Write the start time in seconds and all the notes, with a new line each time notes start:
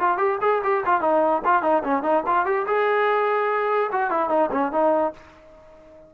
0.00 F4
0.18 G4
0.42 G#4
0.64 G4
0.86 F4
1.01 D#4
1.45 F4
1.63 D#4
1.84 C#4
2.03 D#4
2.27 F4
2.46 G4
2.67 G#4
3.92 F#4
4.11 E4
4.30 D#4
4.51 C#4
4.72 D#4